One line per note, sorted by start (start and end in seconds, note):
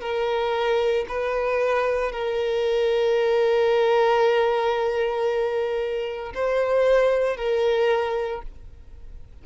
0.00 1.05 A#4
1.08 2.11 B4
2.11 6.33 A#4
6.34 7.36 C5
7.36 8.42 A#4